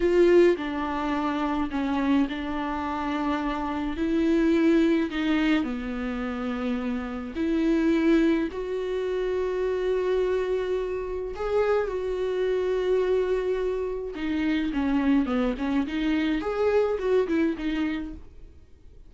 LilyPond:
\new Staff \with { instrumentName = "viola" } { \time 4/4 \tempo 4 = 106 f'4 d'2 cis'4 | d'2. e'4~ | e'4 dis'4 b2~ | b4 e'2 fis'4~ |
fis'1 | gis'4 fis'2.~ | fis'4 dis'4 cis'4 b8 cis'8 | dis'4 gis'4 fis'8 e'8 dis'4 | }